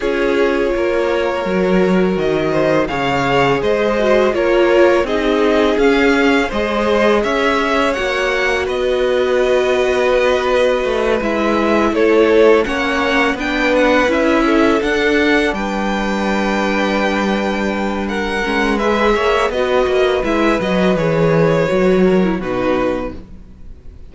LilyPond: <<
  \new Staff \with { instrumentName = "violin" } { \time 4/4 \tempo 4 = 83 cis''2. dis''4 | f''4 dis''4 cis''4 dis''4 | f''4 dis''4 e''4 fis''4 | dis''2.~ dis''8 e''8~ |
e''8 cis''4 fis''4 g''8 fis''8 e''8~ | e''8 fis''4 g''2~ g''8~ | g''4 fis''4 e''4 dis''4 | e''8 dis''8 cis''2 b'4 | }
  \new Staff \with { instrumentName = "violin" } { \time 4/4 gis'4 ais'2~ ais'8 c''8 | cis''4 c''4 ais'4 gis'4~ | gis'4 c''4 cis''2 | b'1~ |
b'8 a'4 cis''4 b'4. | a'4. b'2~ b'8~ | b'4 ais'4 b'8 cis''8 b'4~ | b'2~ b'8 ais'8 fis'4 | }
  \new Staff \with { instrumentName = "viola" } { \time 4/4 f'2 fis'2 | gis'4. fis'8 f'4 dis'4 | cis'4 gis'2 fis'4~ | fis'2.~ fis'8 e'8~ |
e'4. cis'4 d'4 e'8~ | e'8 d'2.~ d'8~ | d'4. cis'8 gis'4 fis'4 | e'8 fis'8 gis'4 fis'8. e'16 dis'4 | }
  \new Staff \with { instrumentName = "cello" } { \time 4/4 cis'4 ais4 fis4 dis4 | cis4 gis4 ais4 c'4 | cis'4 gis4 cis'4 ais4 | b2. a8 gis8~ |
gis8 a4 ais4 b4 cis'8~ | cis'8 d'4 g2~ g8~ | g4. gis4 ais8 b8 ais8 | gis8 fis8 e4 fis4 b,4 | }
>>